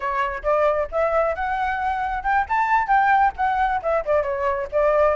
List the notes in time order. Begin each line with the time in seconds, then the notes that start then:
0.00 C#5
0.43 D5
0.91 E5
1.35 F#5
2.23 G5
2.48 A5
2.87 G5
3.36 F#5
3.82 E5
4.05 D5
4.22 C#5
4.72 D5